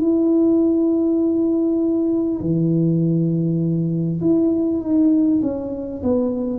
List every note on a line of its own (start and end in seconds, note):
0.00 2.40 E4
2.41 4.21 E3
4.21 4.81 E4
4.81 5.41 D#4
5.42 6.02 C#4
6.03 6.59 B3